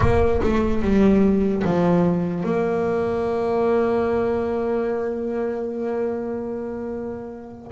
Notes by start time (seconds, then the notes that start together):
0.00 A#3
0.43 A3
0.81 G3
1.64 F3
2.44 A#3